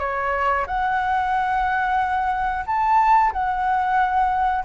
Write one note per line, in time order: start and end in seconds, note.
0.00 0.66 C#5
0.67 2.65 F#5
2.66 3.32 A5
3.33 4.65 F#5